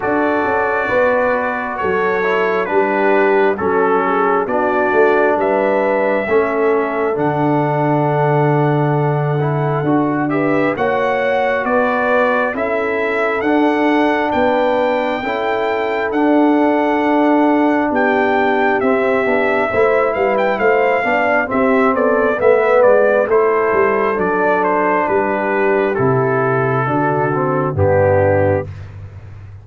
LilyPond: <<
  \new Staff \with { instrumentName = "trumpet" } { \time 4/4 \tempo 4 = 67 d''2 cis''4 b'4 | a'4 d''4 e''2 | fis''2.~ fis''8 e''8 | fis''4 d''4 e''4 fis''4 |
g''2 fis''2 | g''4 e''4. f''16 g''16 f''4 | e''8 d''8 e''8 d''8 c''4 d''8 c''8 | b'4 a'2 g'4 | }
  \new Staff \with { instrumentName = "horn" } { \time 4/4 a'4 b'4 a'4 g'4 | a'8 gis'8 fis'4 b'4 a'4~ | a'2.~ a'8 b'8 | cis''4 b'4 a'2 |
b'4 a'2. | g'2 c''8 b'8 c''8 d''8 | g'8 a'8 b'4 a'2 | g'2 fis'4 d'4 | }
  \new Staff \with { instrumentName = "trombone" } { \time 4/4 fis'2~ fis'8 e'8 d'4 | cis'4 d'2 cis'4 | d'2~ d'8 e'8 fis'8 g'8 | fis'2 e'4 d'4~ |
d'4 e'4 d'2~ | d'4 c'8 d'8 e'4. d'8 | c'4 b4 e'4 d'4~ | d'4 e'4 d'8 c'8 b4 | }
  \new Staff \with { instrumentName = "tuba" } { \time 4/4 d'8 cis'8 b4 fis4 g4 | fis4 b8 a8 g4 a4 | d2. d'4 | ais4 b4 cis'4 d'4 |
b4 cis'4 d'2 | b4 c'8 b8 a8 g8 a8 b8 | c'8 b8 a8 gis8 a8 g8 fis4 | g4 c4 d4 g,4 | }
>>